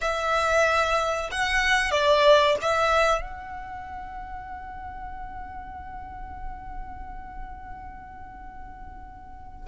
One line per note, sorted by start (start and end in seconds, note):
0.01 1.30 E5
1.31 1.91 F#5
1.91 2.55 D5
2.61 3.21 E5
3.21 9.67 F#5